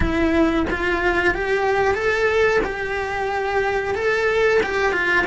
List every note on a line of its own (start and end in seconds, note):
0.00 0.66 E4
0.70 1.34 F4
1.34 1.94 G4
1.94 2.60 A4
2.64 3.94 G4
3.94 4.60 A4
4.63 4.92 G4
4.92 5.25 F4